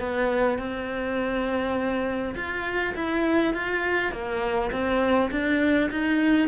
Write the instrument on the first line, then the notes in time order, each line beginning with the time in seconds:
cello
0.00 B3
0.59 C4
2.36 F4
2.96 E4
3.54 F4
4.12 A#3
4.72 C4
5.32 D4
5.91 D#4